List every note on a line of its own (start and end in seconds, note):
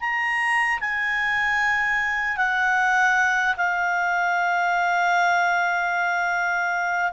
0.00 0.79 A#5
0.80 2.37 G#5
2.37 3.55 F#5
3.57 7.12 F5